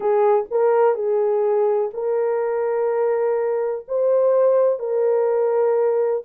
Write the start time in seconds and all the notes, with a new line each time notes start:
0.00 G#4
0.50 A#4
0.94 G#4
1.93 A#4
3.87 C5
4.79 A#4